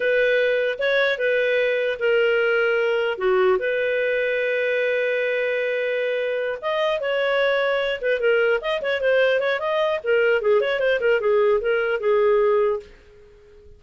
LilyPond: \new Staff \with { instrumentName = "clarinet" } { \time 4/4 \tempo 4 = 150 b'2 cis''4 b'4~ | b'4 ais'2. | fis'4 b'2.~ | b'1~ |
b'8 dis''4 cis''2~ cis''8 | b'8 ais'4 dis''8 cis''8 c''4 cis''8 | dis''4 ais'4 gis'8 cis''8 c''8 ais'8 | gis'4 ais'4 gis'2 | }